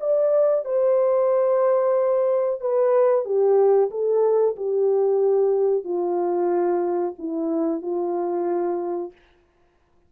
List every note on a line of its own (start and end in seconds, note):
0.00 0.65 D5
0.65 2.61 C5
2.61 3.25 B4
3.25 3.90 G4
3.91 4.56 A4
4.57 5.85 G4
5.85 7.15 F4
7.19 7.82 E4
7.82 9.13 F4